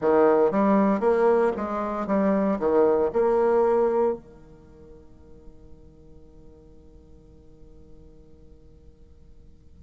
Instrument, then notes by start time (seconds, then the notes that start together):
bassoon
0.01 D#3
0.51 G3
1.00 A#3
1.56 G#3
2.06 G3
2.59 D#3
3.13 A#3
4.13 D#3